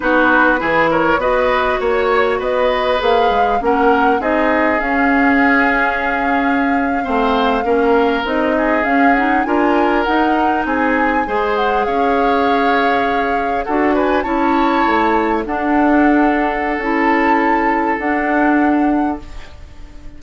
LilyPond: <<
  \new Staff \with { instrumentName = "flute" } { \time 4/4 \tempo 4 = 100 b'4. cis''8 dis''4 cis''4 | dis''4 f''4 fis''4 dis''4 | f''1~ | f''4.~ f''16 dis''4 f''8 fis''8 gis''16~ |
gis''8. fis''4 gis''4. fis''8 f''16~ | f''2~ f''8. fis''8 gis''8 a''16~ | a''4.~ a''16 fis''2~ fis''16 | a''2 fis''2 | }
  \new Staff \with { instrumentName = "oboe" } { \time 4/4 fis'4 gis'8 ais'8 b'4 cis''4 | b'2 ais'4 gis'4~ | gis'2.~ gis'8. c''16~ | c''8. ais'4. gis'4. ais'16~ |
ais'4.~ ais'16 gis'4 c''4 cis''16~ | cis''2~ cis''8. a'8 b'8 cis''16~ | cis''4.~ cis''16 a'2~ a'16~ | a'1 | }
  \new Staff \with { instrumentName = "clarinet" } { \time 4/4 dis'4 e'4 fis'2~ | fis'4 gis'4 cis'4 dis'4 | cis'2.~ cis'8. c'16~ | c'8. cis'4 dis'4 cis'8 dis'8 f'16~ |
f'8. dis'2 gis'4~ gis'16~ | gis'2~ gis'8. fis'4 e'16~ | e'4.~ e'16 d'2~ d'16 | e'2 d'2 | }
  \new Staff \with { instrumentName = "bassoon" } { \time 4/4 b4 e4 b4 ais4 | b4 ais8 gis8 ais4 c'4 | cis'2.~ cis'8. a16~ | a8. ais4 c'4 cis'4 d'16~ |
d'8. dis'4 c'4 gis4 cis'16~ | cis'2~ cis'8. d'4 cis'16~ | cis'8. a4 d'2~ d'16 | cis'2 d'2 | }
>>